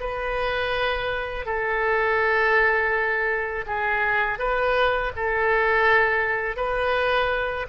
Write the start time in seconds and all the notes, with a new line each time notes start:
0.00 B4
1.46 A4
3.67 G#4
4.39 B4
5.17 A4
6.57 B4